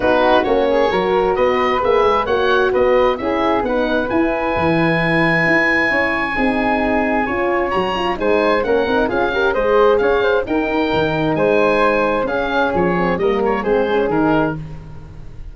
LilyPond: <<
  \new Staff \with { instrumentName = "oboe" } { \time 4/4 \tempo 4 = 132 b'4 cis''2 dis''4 | e''4 fis''4 dis''4 e''4 | fis''4 gis''2.~ | gis''1~ |
gis''4 ais''4 gis''4 fis''4 | f''4 dis''4 f''4 g''4~ | g''4 gis''2 f''4 | cis''4 dis''8 cis''8 c''4 ais'4 | }
  \new Staff \with { instrumentName = "flute" } { \time 4/4 fis'4. gis'8 ais'4 b'4~ | b'4 cis''4 b'4 gis'4 | b'1~ | b'4 cis''4 gis'2 |
cis''2 c''4 ais'4 | gis'8 ais'8 c''4 cis''8 c''8 ais'4~ | ais'4 c''2 gis'4~ | gis'4 ais'4 gis'2 | }
  \new Staff \with { instrumentName = "horn" } { \time 4/4 dis'4 cis'4 fis'2 | gis'4 fis'2 e'4 | dis'4 e'2.~ | e'2 dis'2 |
f'4 fis'8 f'8 dis'4 cis'8 dis'8 | f'8 g'8 gis'2 dis'4~ | dis'2. cis'4~ | cis'8 c'8 ais4 c'8 cis'8 dis'4 | }
  \new Staff \with { instrumentName = "tuba" } { \time 4/4 b4 ais4 fis4 b4 | ais8 gis8 ais4 b4 cis'4 | b4 e'4 e2 | e'4 cis'4 c'2 |
cis'4 fis4 gis4 ais8 c'8 | cis'4 gis4 cis'4 dis'4 | dis4 gis2 cis'4 | f4 g4 gis4 dis4 | }
>>